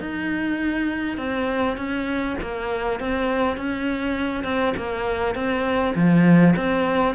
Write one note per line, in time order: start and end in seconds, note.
0.00 1.17 D#4
1.17 1.77 C4
1.77 2.36 C#4
2.41 3.00 A#3
3.00 3.57 C4
3.57 4.44 C#4
4.44 4.73 C4
4.76 5.35 A#3
5.35 5.94 C4
5.95 6.55 F3
6.56 7.15 C4